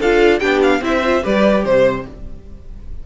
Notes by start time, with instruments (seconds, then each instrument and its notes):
0.00 cello D4, viola F4, violin A4 F5
0.39 cello B3, viola D4, violin G4 G5
0.63 violin F5
0.81 cello C4, viola E4, violin C5 E5
1.05 viola F4
1.23 cello G3, viola G4, violin B4 D5
1.65 cello C3, violin C5